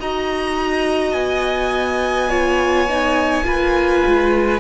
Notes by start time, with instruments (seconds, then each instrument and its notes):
0.00 cello D#4, viola F#4, violin D#5 A#5
1.13 cello B3, violin G#5
2.29 viola F4, violin C#5
2.89 viola D#4
3.44 cello A#3, viola F4, violin B4
4.07 cello G#3